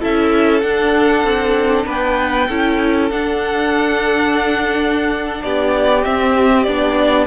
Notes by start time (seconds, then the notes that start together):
0.00 C#4 E4 A4 E5
0.60 D4 F#5
1.24 C4
1.86 B3 B4 G5
2.48 C#4 E4 A4
3.10 D4 F#5
5.42 B3 G4 D5
6.03 C4 E5
6.63 B3 D4 D5